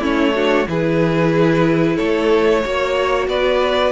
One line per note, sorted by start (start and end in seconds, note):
0.00 0.66 A3
0.00 0.34 C#4
0.00 0.33 E4
0.00 0.68 C#5
0.35 0.67 D4
0.35 0.68 F#4
0.67 1.98 E3
0.67 2.62 E4
0.67 1.96 G#4
0.67 1.96 B4
1.96 2.65 A3
1.96 2.61 A4
1.96 3.27 C#5
2.63 3.27 A#3
2.63 3.92 F#4
2.63 3.28 C#5
3.27 3.92 B3
3.27 3.92 B4
3.27 3.92 D5